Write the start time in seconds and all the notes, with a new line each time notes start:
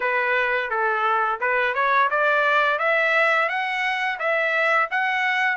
0.00 B4
0.70 A4
1.40 B4
1.74 C#5
2.10 D5
2.78 E5
3.49 F#5
4.19 E5
4.90 F#5